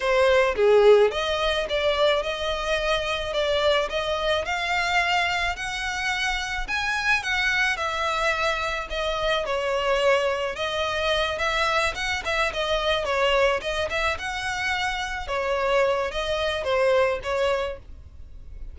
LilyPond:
\new Staff \with { instrumentName = "violin" } { \time 4/4 \tempo 4 = 108 c''4 gis'4 dis''4 d''4 | dis''2 d''4 dis''4 | f''2 fis''2 | gis''4 fis''4 e''2 |
dis''4 cis''2 dis''4~ | dis''8 e''4 fis''8 e''8 dis''4 cis''8~ | cis''8 dis''8 e''8 fis''2 cis''8~ | cis''4 dis''4 c''4 cis''4 | }